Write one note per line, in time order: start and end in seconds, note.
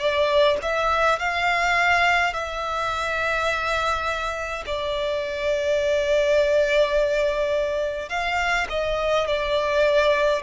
0.00 0.58 D5
0.62 1.19 E5
1.19 2.34 F5
2.34 4.65 E5
4.67 8.09 D5
8.09 8.67 F5
8.70 9.27 D#5
9.27 10.43 D5